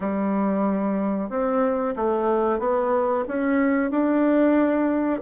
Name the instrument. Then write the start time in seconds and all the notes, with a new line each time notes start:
bassoon
0.00 G3
1.29 C4
1.96 A3
2.59 B3
3.28 C#4
3.90 D4